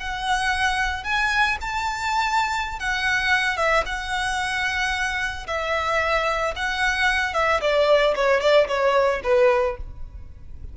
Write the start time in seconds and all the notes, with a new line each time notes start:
0.00 F#5
1.04 G#5
1.61 A5
2.80 F#5
3.57 E5
3.86 F#5
5.47 E5
6.56 F#5
7.34 E5
7.61 D5
8.16 C#5
8.41 D5
8.68 C#5
9.24 B4